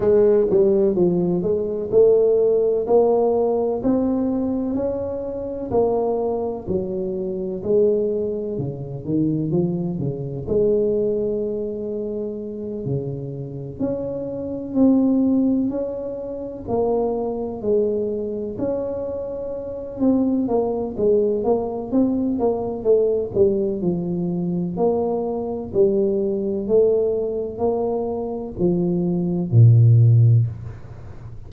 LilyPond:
\new Staff \with { instrumentName = "tuba" } { \time 4/4 \tempo 4 = 63 gis8 g8 f8 gis8 a4 ais4 | c'4 cis'4 ais4 fis4 | gis4 cis8 dis8 f8 cis8 gis4~ | gis4. cis4 cis'4 c'8~ |
c'8 cis'4 ais4 gis4 cis'8~ | cis'4 c'8 ais8 gis8 ais8 c'8 ais8 | a8 g8 f4 ais4 g4 | a4 ais4 f4 ais,4 | }